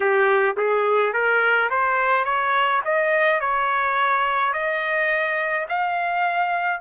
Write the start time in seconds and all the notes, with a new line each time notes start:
0.00 G4
0.56 G#4
1.13 A#4
1.70 C5
2.24 C#5
2.85 D#5
3.40 C#5
4.53 D#5
5.68 F5